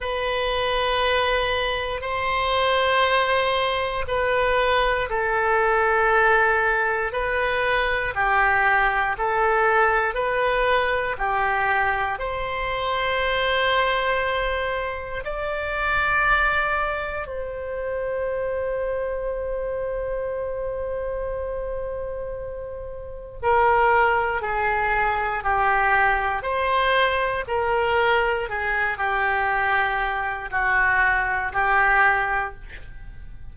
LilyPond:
\new Staff \with { instrumentName = "oboe" } { \time 4/4 \tempo 4 = 59 b'2 c''2 | b'4 a'2 b'4 | g'4 a'4 b'4 g'4 | c''2. d''4~ |
d''4 c''2.~ | c''2. ais'4 | gis'4 g'4 c''4 ais'4 | gis'8 g'4. fis'4 g'4 | }